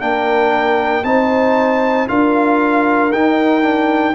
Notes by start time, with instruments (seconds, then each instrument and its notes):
0.00 tuba A#3, trombone D4, horn A#4, trumpet G5
1.04 tuba C4, trombone D#4, horn C5, trumpet A5
2.08 tuba D4, trombone F4, horn A#4, trumpet F5
3.12 tuba D#4, trombone D#4, trumpet G5
3.62 trombone D4